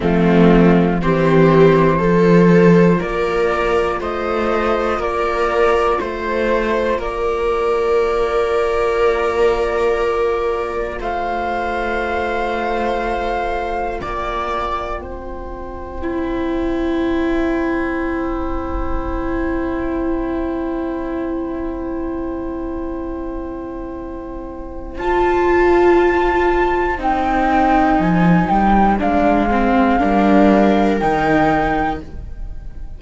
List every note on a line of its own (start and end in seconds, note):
0.00 1.01 F3
0.00 1.00 A3
0.00 0.98 C4
0.00 1.01 F4
1.01 1.99 E3
1.01 2.00 C4
1.01 1.98 G4
1.01 3.01 C5
1.98 2.99 F3
1.98 16.00 F4
1.98 2.98 A4
2.98 4.00 A#3
2.98 3.98 A#4
2.98 4.01 D5
4.00 4.98 A3
4.00 4.99 C5
4.00 5.01 D#5
4.98 5.98 A#3
4.98 5.99 A#4
4.98 6.00 D5
6.00 6.98 A3
6.00 7.00 C5
6.00 6.99 C5
6.98 10.98 A#3
6.98 10.99 A#4
6.98 11.00 D5
10.99 14.00 A3
10.99 13.99 C5
10.99 14.01 F5
14.01 15.02 A#3
14.01 15.01 D5
14.01 24.98 G5
15.02 24.98 C4
15.02 29.99 C5
16.01 25.00 E4
24.98 26.98 F4
24.98 26.97 F4
24.98 26.98 A5
26.97 27.98 C4
26.97 28.97 D#4
26.97 28.00 G5
27.98 28.48 F3
27.98 28.47 G#5
28.47 29.00 G3
28.47 28.97 G5
28.98 30.01 G#3
28.98 29.48 D4
28.98 30.98 F5
29.51 29.99 C4
29.99 31.00 G3
29.99 30.99 D4
29.99 31.99 A#4
30.98 32.00 D#3
30.98 32.01 D#4
30.98 31.98 G5